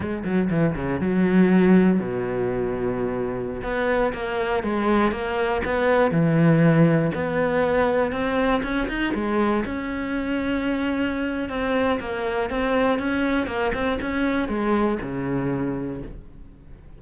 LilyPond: \new Staff \with { instrumentName = "cello" } { \time 4/4 \tempo 4 = 120 gis8 fis8 e8 cis8 fis2 | b,2.~ b,16 b8.~ | b16 ais4 gis4 ais4 b8.~ | b16 e2 b4.~ b16~ |
b16 c'4 cis'8 dis'8 gis4 cis'8.~ | cis'2. c'4 | ais4 c'4 cis'4 ais8 c'8 | cis'4 gis4 cis2 | }